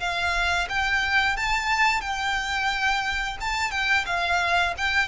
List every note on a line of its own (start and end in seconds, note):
0.00 0.68 F5
0.69 1.37 G5
1.37 2.01 A5
2.01 3.37 G5
3.41 3.71 A5
3.71 4.05 G5
4.06 4.74 F5
4.78 5.08 G5